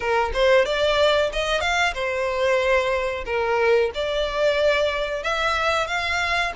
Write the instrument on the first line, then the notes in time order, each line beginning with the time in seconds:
violin
0.00 A#4
0.33 C5
0.65 D5
1.32 D#5
1.61 F5
1.94 C5
3.25 A#4
3.94 D5
5.23 E5
5.87 F5